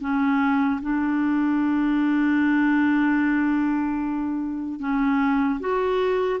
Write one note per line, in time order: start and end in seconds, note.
0.00 0.80 C#4
0.81 4.79 D4
4.79 5.59 C#4
5.60 6.40 F#4